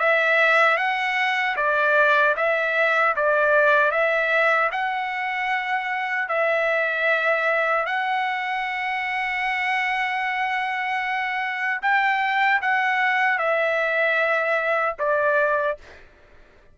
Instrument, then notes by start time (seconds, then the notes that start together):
trumpet
0.00 E5
0.78 F#5
1.57 D5
2.37 E5
3.16 D5
3.92 E5
4.72 F#5
6.29 E5
7.87 F#5
11.82 G5
12.62 F#5
13.39 E5
14.99 D5